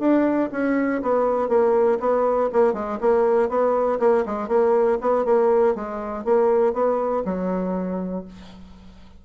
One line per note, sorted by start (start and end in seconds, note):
0.00 0.50 D4
0.52 1.02 C#4
1.03 1.49 B3
1.49 1.99 A#3
2.00 2.50 B3
2.53 2.74 A#3
2.74 2.99 G#3
3.01 3.50 A#3
3.50 4.00 B3
4.00 4.25 A#3
4.26 4.49 G#3
4.49 4.99 A#3
5.01 5.26 B3
5.26 5.76 A#3
5.76 6.25 G#3
6.25 6.74 A#3
6.74 7.24 B3
7.25 8.25 F#3